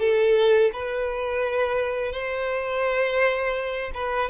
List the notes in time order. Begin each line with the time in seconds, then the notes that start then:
0.00 A4
0.74 B4
2.13 C5
3.94 B4